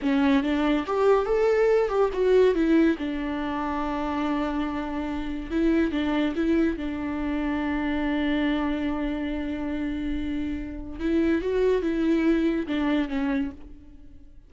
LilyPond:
\new Staff \with { instrumentName = "viola" } { \time 4/4 \tempo 4 = 142 cis'4 d'4 g'4 a'4~ | a'8 g'8 fis'4 e'4 d'4~ | d'1~ | d'4 e'4 d'4 e'4 |
d'1~ | d'1~ | d'2 e'4 fis'4 | e'2 d'4 cis'4 | }